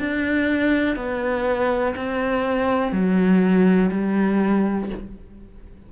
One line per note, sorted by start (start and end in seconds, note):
0.00 0.97 D4
0.97 1.95 B3
1.96 2.92 C4
2.92 3.91 F#3
3.92 4.90 G3